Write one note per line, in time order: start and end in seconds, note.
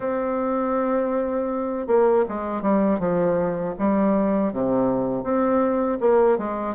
0.00 1.87 C4
1.87 2.24 A#3
2.28 2.62 G#3
2.62 2.99 G3
2.99 3.74 F3
3.78 4.52 G3
4.52 5.23 C3
5.23 5.98 C4
6.00 6.38 A#3
6.38 6.75 G#3